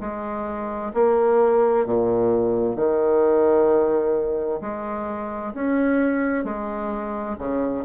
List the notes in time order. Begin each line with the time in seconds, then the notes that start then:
0.00 G#3
0.94 A#3
1.86 A#2
2.76 D#3
4.61 G#3
5.54 C#4
6.44 G#3
7.38 C#3